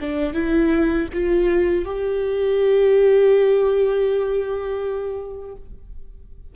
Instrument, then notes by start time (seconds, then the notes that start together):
viola
0.00 D4
0.33 E4
1.13 F4
1.85 G4